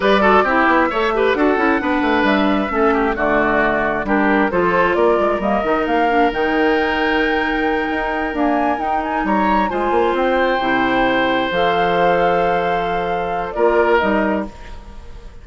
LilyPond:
<<
  \new Staff \with { instrumentName = "flute" } { \time 4/4 \tempo 4 = 133 d''4 e''2 fis''4~ | fis''4 e''2 d''4~ | d''4 ais'4 c''4 d''4 | dis''4 f''4 g''2~ |
g''2~ g''8 gis''4 g''8 | gis''8 ais''4 gis''4 g''4.~ | g''4. f''2~ f''8~ | f''2 d''4 dis''4 | }
  \new Staff \with { instrumentName = "oboe" } { \time 4/4 b'8 a'8 g'4 cis''8 b'8 a'4 | b'2 a'8 g'8 fis'4~ | fis'4 g'4 a'4 ais'4~ | ais'1~ |
ais'1~ | ais'8 cis''4 c''2~ c''8~ | c''1~ | c''2 ais'2 | }
  \new Staff \with { instrumentName = "clarinet" } { \time 4/4 g'8 fis'8 e'4 a'8 g'8 fis'8 e'8 | d'2 cis'4 a4~ | a4 d'4 f'2 | ais8 dis'4 d'8 dis'2~ |
dis'2~ dis'8 ais4 dis'8~ | dis'4. f'2 e'8~ | e'4. a'2~ a'8~ | a'2 f'4 dis'4 | }
  \new Staff \with { instrumentName = "bassoon" } { \time 4/4 g4 c'8 b8 a4 d'8 cis'8 | b8 a8 g4 a4 d4~ | d4 g4 f4 ais8 gis8 | g8 dis8 ais4 dis2~ |
dis4. dis'4 d'4 dis'8~ | dis'8 g4 gis8 ais8 c'4 c8~ | c4. f2~ f8~ | f2 ais4 g4 | }
>>